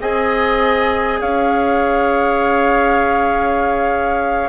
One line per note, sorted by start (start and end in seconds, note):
0.00 1.21 C4
0.00 4.49 G#4
0.00 1.20 D#5
0.00 1.21 G#5
1.20 4.49 C#4
1.20 4.49 C#5
1.20 4.49 F5